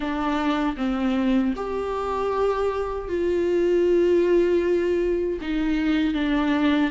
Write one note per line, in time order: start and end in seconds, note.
0.00 0.75 D4
0.77 1.53 C4
1.56 3.08 G4
3.08 5.39 F4
5.41 6.14 D#4
6.14 6.90 D4